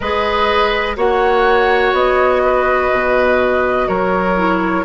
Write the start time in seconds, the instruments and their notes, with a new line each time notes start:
0.00 bassoon G#3, clarinet G#4, oboe B4, flute D#5
0.96 bassoon A#3, clarinet F#4, oboe C#5, flute F#5
1.92 bassoon B3, flute D#5
2.45 oboe B4
2.91 bassoon B2
3.87 bassoon F#3, oboe A#4, flute C#5
4.36 clarinet E4